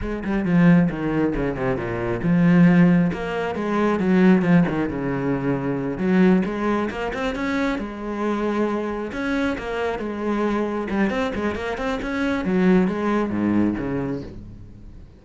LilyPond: \new Staff \with { instrumentName = "cello" } { \time 4/4 \tempo 4 = 135 gis8 g8 f4 dis4 cis8 c8 | ais,4 f2 ais4 | gis4 fis4 f8 dis8 cis4~ | cis4. fis4 gis4 ais8 |
c'8 cis'4 gis2~ gis8~ | gis8 cis'4 ais4 gis4.~ | gis8 g8 c'8 gis8 ais8 c'8 cis'4 | fis4 gis4 gis,4 cis4 | }